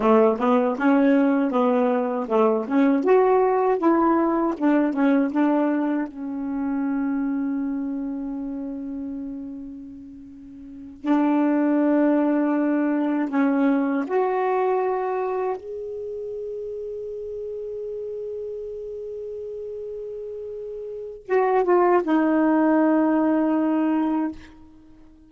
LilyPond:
\new Staff \with { instrumentName = "saxophone" } { \time 4/4 \tempo 4 = 79 a8 b8 cis'4 b4 a8 cis'8 | fis'4 e'4 d'8 cis'8 d'4 | cis'1~ | cis'2~ cis'8 d'4.~ |
d'4. cis'4 fis'4.~ | fis'8 gis'2.~ gis'8~ | gis'1 | fis'8 f'8 dis'2. | }